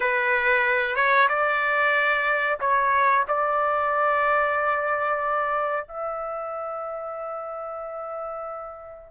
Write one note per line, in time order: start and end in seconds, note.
0.00 0.95 B4
0.95 1.28 C#5
1.29 2.59 D5
2.59 3.25 C#5
3.28 5.87 D5
5.87 9.11 E5